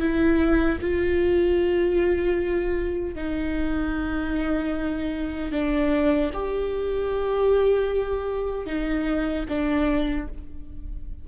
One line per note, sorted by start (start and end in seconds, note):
0.00 0.79 E4
0.81 3.15 F4
3.15 5.52 D#4
5.52 6.31 D4
6.33 8.66 G4
8.66 9.45 D#4
9.49 10.28 D4